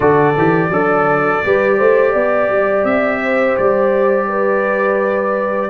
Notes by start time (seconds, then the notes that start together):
0.00 D3 F#4 A4 D5
0.37 E3 G4
0.68 F#3 D4 A4
1.43 G3 G4 B4
1.77 A3 C5
2.12 B3 D5
2.49 G3
2.84 C4 E5
3.22 C5
3.57 G3 D5
4.28 B4